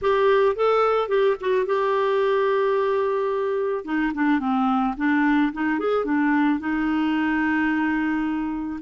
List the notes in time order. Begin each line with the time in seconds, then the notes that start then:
0.01 G4
0.55 A4
1.08 G4
1.40 F#4
1.66 G4
3.84 D#4
4.14 D4
4.39 C4
4.97 D4
5.52 D#4
5.79 G#4
6.05 D4
6.59 D#4